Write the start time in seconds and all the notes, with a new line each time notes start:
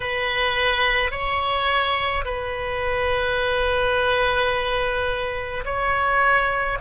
0.00 B4
1.11 C#5
2.24 B4
5.64 C#5